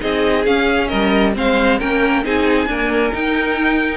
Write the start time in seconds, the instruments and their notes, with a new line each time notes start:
0.00 cello C4, viola D#4, violin G#4 D#5
0.46 cello C#4, viola C#4, violin F5
0.88 cello G3, violin A#4 D#5
1.34 cello G#3, viola C4, violin C5 F5
1.79 cello A#3, viola C#4, violin A#4 G5
2.25 cello C4, viola D#4, violin G#4 G#5
2.67 viola A#3, cello D4, violin A#4
3.13 viola D#4, cello D#4, violin G5